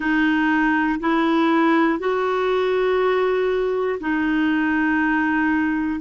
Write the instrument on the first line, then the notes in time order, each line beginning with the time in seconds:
clarinet
0.00 D#4
1.00 E4
1.99 F#4
4.00 D#4